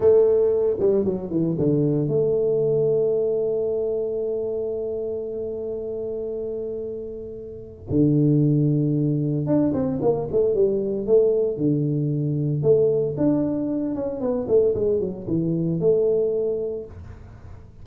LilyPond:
\new Staff \with { instrumentName = "tuba" } { \time 4/4 \tempo 4 = 114 a4. g8 fis8 e8 d4 | a1~ | a1~ | a2. d4~ |
d2 d'8 c'8 ais8 a8 | g4 a4 d2 | a4 d'4. cis'8 b8 a8 | gis8 fis8 e4 a2 | }